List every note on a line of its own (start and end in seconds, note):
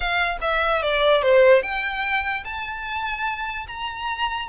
0.00 0.37 F5
0.41 0.82 E5
0.82 1.22 D5
1.22 1.62 C5
1.62 2.43 G5
2.44 3.66 A5
3.67 4.48 A#5